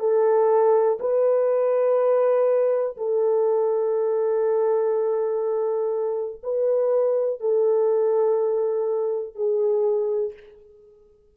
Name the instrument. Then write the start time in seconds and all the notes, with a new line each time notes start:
horn
0.00 A4
1.00 B4
2.97 A4
6.43 B4
7.40 A4
9.35 G#4